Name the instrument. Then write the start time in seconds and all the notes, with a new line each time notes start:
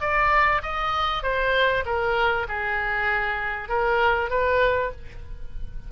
oboe
0.00 D5
0.62 D#5
1.23 C5
1.86 A#4
2.48 G#4
3.68 A#4
4.30 B4